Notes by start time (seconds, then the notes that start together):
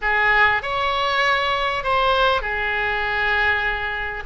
0.01 G#4
0.62 C#5
1.83 C5
2.41 G#4